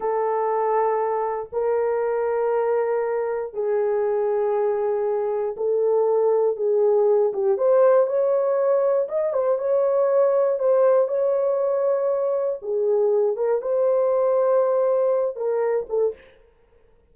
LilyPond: \new Staff \with { instrumentName = "horn" } { \time 4/4 \tempo 4 = 119 a'2. ais'4~ | ais'2. gis'4~ | gis'2. a'4~ | a'4 gis'4. g'8 c''4 |
cis''2 dis''8 c''8 cis''4~ | cis''4 c''4 cis''2~ | cis''4 gis'4. ais'8 c''4~ | c''2~ c''8 ais'4 a'8 | }